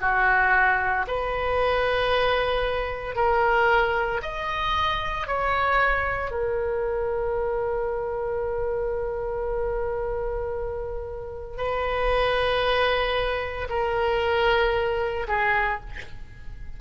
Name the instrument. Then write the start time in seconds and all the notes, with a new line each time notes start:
oboe
0.00 F#4
1.07 B4
3.15 A#4
4.22 D#5
5.27 C#5
6.31 A#4
11.57 B4
13.69 A#4
15.27 G#4